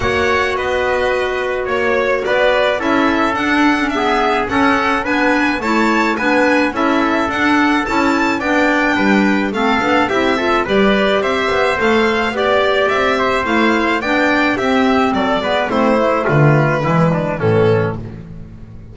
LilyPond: <<
  \new Staff \with { instrumentName = "violin" } { \time 4/4 \tempo 4 = 107 fis''4 dis''2 cis''4 | d''4 e''4 fis''4 e''4 | fis''4 gis''4 a''4 gis''4 | e''4 fis''4 a''4 g''4~ |
g''4 f''4 e''4 d''4 | e''4 f''4 d''4 e''4 | f''4 g''4 e''4 d''4 | c''4 b'2 a'4 | }
  \new Staff \with { instrumentName = "trumpet" } { \time 4/4 cis''4 b'2 cis''4 | b'4 a'2 gis'4 | a'4 b'4 cis''4 b'4 | a'2. d''4 |
b'4 a'4 g'8 a'8 b'4 | c''2 d''4. c''8~ | c''4 d''4 g'4 a'8 b'8 | e'4 f'4 e'8 d'8 cis'4 | }
  \new Staff \with { instrumentName = "clarinet" } { \time 4/4 fis'1~ | fis'4 e'4 d'8. cis'16 b4 | cis'4 d'4 e'4 d'4 | e'4 d'4 e'4 d'4~ |
d'4 c'8 d'8 e'8 f'8 g'4~ | g'4 a'4 g'2 | e'4 d'4 c'4. b8 | c'8 a4. gis4 e4 | }
  \new Staff \with { instrumentName = "double bass" } { \time 4/4 ais4 b2 ais4 | b4 cis'4 d'2 | cis'4 b4 a4 b4 | cis'4 d'4 cis'4 b4 |
g4 a8 b8 c'4 g4 | c'8 b8 a4 b4 c'4 | a4 b4 c'4 fis8 gis8 | a4 d4 e4 a,4 | }
>>